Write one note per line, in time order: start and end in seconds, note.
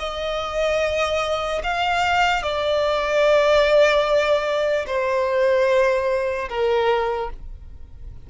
0.00 1.62 D#5
1.64 2.43 F5
2.43 4.86 D5
4.87 6.49 C5
6.49 7.30 A#4